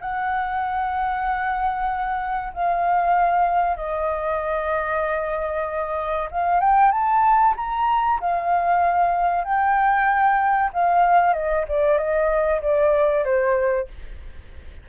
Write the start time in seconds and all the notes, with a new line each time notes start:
0.00 F#5
2.53 F5
3.76 D#5
6.30 F5
6.60 G5
6.91 A5
7.56 A#5
8.20 F5
9.44 G5
10.73 F5
11.33 D#5
11.68 D5
11.97 D#5
12.61 D5
13.24 C5